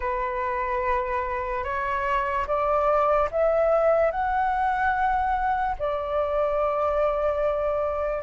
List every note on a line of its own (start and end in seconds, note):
0.00 1.64 B4
1.64 2.46 C#5
2.47 3.29 D5
3.31 4.11 E5
4.11 5.75 F#5
5.78 8.23 D5